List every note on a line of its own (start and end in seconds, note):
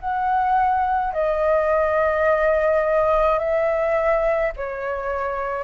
0.00 1.13 F#5
1.13 3.39 D#5
3.39 4.52 E5
4.56 5.63 C#5